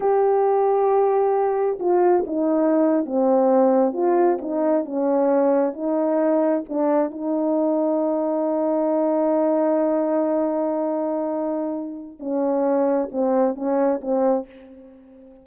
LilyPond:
\new Staff \with { instrumentName = "horn" } { \time 4/4 \tempo 4 = 133 g'1 | f'4 dis'4.~ dis'16 c'4~ c'16~ | c'8. f'4 dis'4 cis'4~ cis'16~ | cis'8. dis'2 d'4 dis'16~ |
dis'1~ | dis'1~ | dis'2. cis'4~ | cis'4 c'4 cis'4 c'4 | }